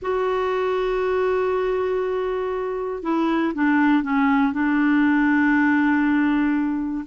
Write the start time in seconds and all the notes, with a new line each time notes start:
0.02 F#4
3.03 E4
3.54 D4
4.03 C#4
4.52 D4